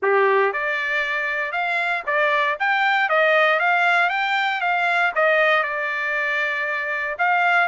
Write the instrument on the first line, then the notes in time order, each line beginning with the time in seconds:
trumpet
0.02 G4
0.52 D5
1.52 F5
2.06 D5
2.59 G5
3.09 D#5
3.59 F5
4.09 G5
4.60 F5
5.15 D#5
5.63 D5
7.18 F5